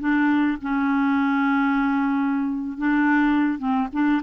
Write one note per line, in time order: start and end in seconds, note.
0.00 0.58 D4
0.62 2.78 C#4
2.78 3.59 D4
3.59 3.88 C4
3.93 4.22 D4